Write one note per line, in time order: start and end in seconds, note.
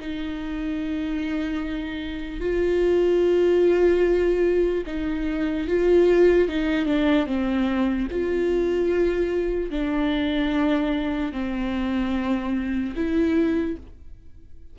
0.00 2.41 D#4
2.41 4.84 F4
4.87 5.68 D#4
5.68 6.49 F4
6.49 6.86 D#4
6.86 7.26 D4
7.27 8.08 C4
8.11 9.71 F4
9.71 11.33 D4
11.33 12.95 C4
12.96 13.77 E4